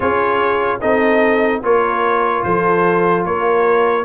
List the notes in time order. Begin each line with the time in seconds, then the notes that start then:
0.00 C#4 F4 G#4 C#5
0.81 C4 D#4 A4 D#5
1.62 A#3 F4 A#4 C#5
2.43 F3 A4 C5
3.24 A#3 A#4 C#5